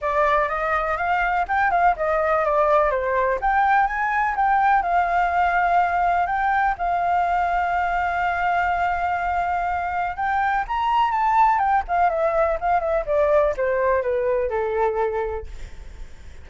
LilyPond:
\new Staff \with { instrumentName = "flute" } { \time 4/4 \tempo 4 = 124 d''4 dis''4 f''4 g''8 f''8 | dis''4 d''4 c''4 g''4 | gis''4 g''4 f''2~ | f''4 g''4 f''2~ |
f''1~ | f''4 g''4 ais''4 a''4 | g''8 f''8 e''4 f''8 e''8 d''4 | c''4 b'4 a'2 | }